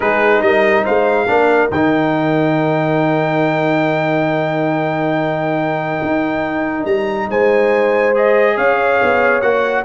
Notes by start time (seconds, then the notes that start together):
0.00 G#3 D#4 G#4 B4
0.41 G3 A#4 D#5
0.84 G#3 C5 F5
1.26 A#3 D4 A#4
1.71 D#3 D#4 G5
6.02 D#4
6.84 G3 A#5
7.29 G#3 C5 G#5
8.14 G#4 D#5
8.56 C#4 C#5 F5
9.02 B3
9.41 A#3 F#4 F#5